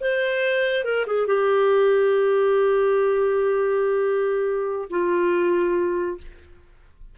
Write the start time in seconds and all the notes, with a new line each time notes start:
0.00 C5
0.84 A#4
1.06 G#4
1.26 G4
4.90 F4